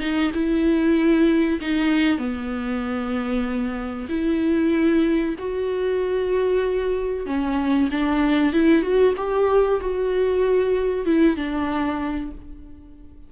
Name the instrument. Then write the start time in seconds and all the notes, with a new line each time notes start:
viola
0.00 D#4
0.34 E4
1.61 D#4
2.18 B3
4.09 E4
5.39 F#4
7.26 C#4
7.91 D4
8.53 E4
8.82 F#4
9.17 G4
9.81 F#4
11.06 E4
11.36 D4